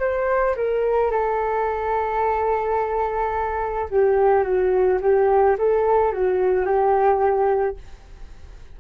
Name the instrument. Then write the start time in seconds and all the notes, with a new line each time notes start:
flute
0.00 C5
0.56 A#4
1.12 A4
3.90 G4
4.43 F#4
5.02 G4
5.58 A4
6.13 F#4
6.66 G4